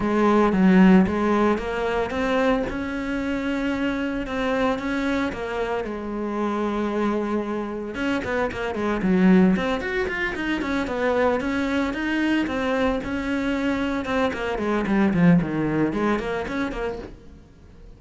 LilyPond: \new Staff \with { instrumentName = "cello" } { \time 4/4 \tempo 4 = 113 gis4 fis4 gis4 ais4 | c'4 cis'2. | c'4 cis'4 ais4 gis4~ | gis2. cis'8 b8 |
ais8 gis8 fis4 c'8 fis'8 f'8 dis'8 | cis'8 b4 cis'4 dis'4 c'8~ | c'8 cis'2 c'8 ais8 gis8 | g8 f8 dis4 gis8 ais8 cis'8 ais8 | }